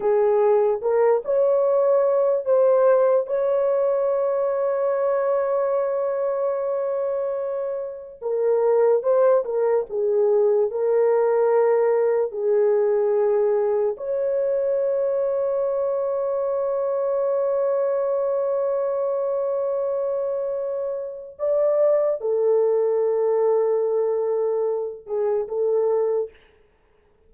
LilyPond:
\new Staff \with { instrumentName = "horn" } { \time 4/4 \tempo 4 = 73 gis'4 ais'8 cis''4. c''4 | cis''1~ | cis''2 ais'4 c''8 ais'8 | gis'4 ais'2 gis'4~ |
gis'4 cis''2.~ | cis''1~ | cis''2 d''4 a'4~ | a'2~ a'8 gis'8 a'4 | }